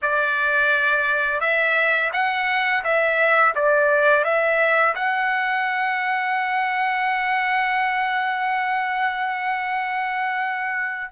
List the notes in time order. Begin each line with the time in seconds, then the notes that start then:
0.02 D5
1.40 E5
2.12 F#5
2.84 E5
3.55 D5
4.24 E5
4.95 F#5